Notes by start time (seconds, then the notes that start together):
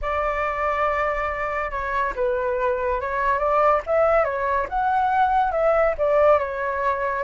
0.01 D5
1.70 C#5
2.15 B4
3.00 C#5
3.38 D5
3.86 E5
4.24 C#5
4.69 F#5
5.51 E5
5.98 D5
6.38 C#5